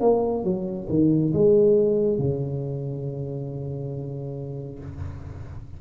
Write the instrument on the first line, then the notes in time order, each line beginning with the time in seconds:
tuba
0.00 A#3
0.43 F#3
0.89 D#3
1.33 G#3
2.18 C#3